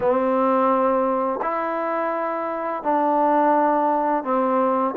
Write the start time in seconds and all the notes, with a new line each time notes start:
0.00 C4
1.41 E4
2.83 D4
4.23 C4